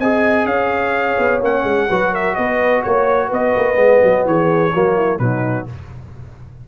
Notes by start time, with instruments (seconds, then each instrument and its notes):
0.00 tuba C4, trombone G#4, horn D#5, trumpet G#5
0.45 tuba C#4, horn C#5, trumpet F5
1.19 tuba B3
1.41 tuba A#3, trombone C#4, trumpet F#5
1.64 tuba G#3
1.89 tuba F#3, trombone F#4, horn B4
2.12 horn A#4, trumpet E5
2.36 tuba B3, horn B4, trumpet D#5
2.83 tuba A#3, trumpet C#5, horn C#5
3.27 tuba B3, horn B4
3.33 trumpet D#5
3.57 tuba A#3
3.75 tuba G#3, trombone B3
4.03 tuba F#3
4.26 tuba E3, horn G#4, trumpet C#5
4.75 tuba F#3, trombone A#3, horn F#4
4.97 horn E4
5.19 tuba B2, trombone F#3, horn D#4, trumpet B4